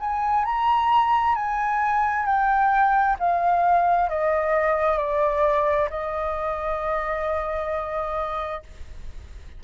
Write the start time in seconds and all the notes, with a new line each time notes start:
0.00 G#5
0.45 A#5
1.36 G#5
2.26 G5
3.19 F5
4.09 D#5
4.98 D5
5.90 D#5